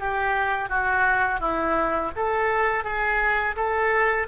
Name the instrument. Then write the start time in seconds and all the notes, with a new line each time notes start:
oboe
0.00 G4
0.70 F#4
1.41 E4
2.17 A4
2.85 G#4
3.56 A4